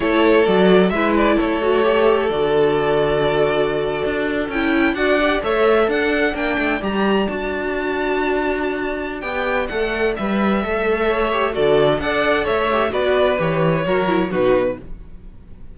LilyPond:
<<
  \new Staff \with { instrumentName = "violin" } { \time 4/4 \tempo 4 = 130 cis''4 d''4 e''8 d''8 cis''4~ | cis''4 d''2.~ | d''4.~ d''16 g''4 fis''4 e''16~ | e''8. fis''4 g''4 ais''4 a''16~ |
a''1 | g''4 fis''4 e''2~ | e''4 d''4 fis''4 e''4 | d''4 cis''2 b'4 | }
  \new Staff \with { instrumentName = "violin" } { \time 4/4 a'2 b'4 a'4~ | a'1~ | a'2~ a'8. d''4 cis''16~ | cis''8. d''2.~ d''16~ |
d''1~ | d''1 | cis''4 a'4 d''4 cis''4 | b'2 ais'4 fis'4 | }
  \new Staff \with { instrumentName = "viola" } { \time 4/4 e'4 fis'4 e'4. fis'8 | g'4 fis'2.~ | fis'4.~ fis'16 e'4 fis'8 g'8 a'16~ | a'4.~ a'16 d'4 g'4 fis'16~ |
fis'1 | g'4 a'4 b'4 a'4~ | a'8 g'8 fis'4 a'4. g'8 | fis'4 g'4 fis'8 e'8 dis'4 | }
  \new Staff \with { instrumentName = "cello" } { \time 4/4 a4 fis4 gis4 a4~ | a4 d2.~ | d8. d'4 cis'4 d'4 a16~ | a8. d'4 ais8 a8 g4 d'16~ |
d'1 | b4 a4 g4 a4~ | a4 d4 d'4 a4 | b4 e4 fis4 b,4 | }
>>